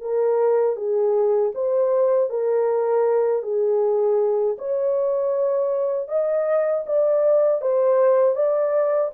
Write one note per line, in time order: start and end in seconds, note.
0.00 0.76 A#4
0.76 1.52 G#4
1.54 2.30 C5
2.30 3.42 A#4
3.42 4.56 G#4
4.58 6.08 C#5
6.08 6.84 D#5
6.86 7.61 D5
7.61 8.35 C5
8.35 9.11 D5